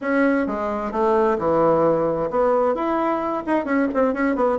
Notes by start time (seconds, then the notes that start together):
0.01 C#4
0.46 G#3
0.91 A3
1.38 E3
2.30 B3
2.74 E4
3.46 D#4
3.64 C#4
3.94 C4
4.13 C#4
4.35 B3